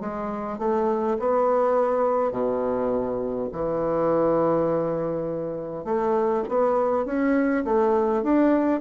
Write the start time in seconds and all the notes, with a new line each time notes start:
0.00 G#3
0.58 A3
1.19 B3
2.31 B2
3.52 E3
5.84 A3
6.48 B3
7.05 C#4
7.64 A3
8.23 D4